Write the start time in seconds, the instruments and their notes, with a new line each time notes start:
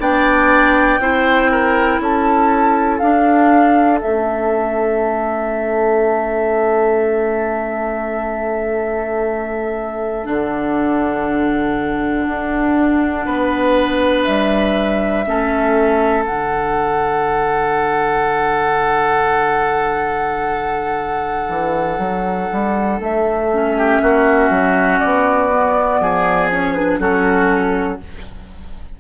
0.00 bassoon B3, clarinet D4, oboe D5, flute G5
0.99 bassoon C4, clarinet E4, oboe C5
1.51 oboe A#4
2.00 bassoon C#4, oboe A4, flute A5
2.99 clarinet D4, bassoon D4, flute F5
4.01 bassoon A3, clarinet C#4, flute E5
10.24 bassoon D3, clarinet D4, flute F#5
12.28 bassoon D4
13.25 bassoon B3, oboe B4
14.24 bassoon G3, flute E5
15.26 bassoon A3, clarinet C#4, oboe A4
16.25 bassoon D3, clarinet D4, flute F#5
21.49 bassoon E3
21.98 bassoon F#3
22.52 bassoon G3
23.00 bassoon A3, flute E5
23.54 clarinet C#4
23.77 oboe G4
24.02 bassoon A#3, oboe F#4
24.50 bassoon F#3
25.00 bassoon B3, flute D5
25.52 clarinet B3
26.00 bassoon F3, oboe G#4
26.51 clarinet C#4, flute C#5
26.74 clarinet D4, flute B4
26.99 bassoon F#3, clarinet C#4, oboe F#4, flute A4